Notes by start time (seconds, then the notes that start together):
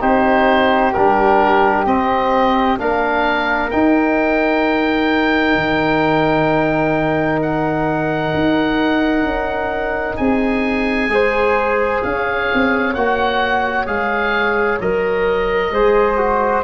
0.00 C4 D#4 G4 C5
0.93 G3 D4 A#4
1.85 C4 D#5
2.78 A#3 D4 A#4 F5
3.70 D#4 G5
5.55 D#3
7.42 F#5
8.34 D#4
9.22 C#4
10.16 C4 G#4 G#5
11.08 G#3 G#4 C5
12.02 C#4 C#5 F5
12.53 C4
12.94 A#3 F#4 F#5
13.86 G#3 G#4 F5
14.80 F#3 A#4 D#5
15.70 G#3 G#4 C5
16.17 F#4